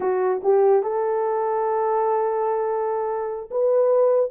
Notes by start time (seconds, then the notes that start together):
0.00 F#4
0.43 G4
0.82 A4
3.50 B4